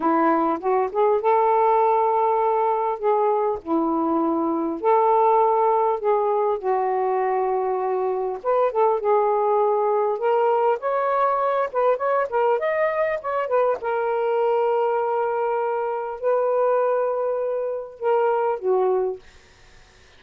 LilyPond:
\new Staff \with { instrumentName = "saxophone" } { \time 4/4 \tempo 4 = 100 e'4 fis'8 gis'8 a'2~ | a'4 gis'4 e'2 | a'2 gis'4 fis'4~ | fis'2 b'8 a'8 gis'4~ |
gis'4 ais'4 cis''4. b'8 | cis''8 ais'8 dis''4 cis''8 b'8 ais'4~ | ais'2. b'4~ | b'2 ais'4 fis'4 | }